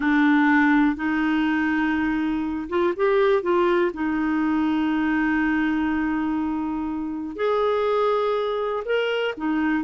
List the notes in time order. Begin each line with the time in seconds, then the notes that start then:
0.00 D4
0.96 D#4
2.69 F4
2.96 G4
3.42 F4
3.93 D#4
7.35 G#4
8.85 A#4
9.37 D#4